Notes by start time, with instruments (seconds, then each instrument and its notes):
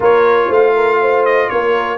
0.00 tuba A#3, trombone F4, horn A#4, trumpet C#5
0.47 tuba A3, horn C5, trumpet F5
0.75 horn A#4
1.01 horn C5
1.25 trumpet D#5
1.49 tuba A#3, horn A#4, trumpet C#5